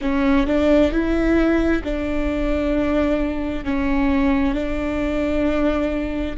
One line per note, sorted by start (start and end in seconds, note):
0.01 0.46 C#4
0.46 0.91 D4
0.91 1.82 E4
1.83 3.64 D4
3.64 4.54 C#4
4.54 6.36 D4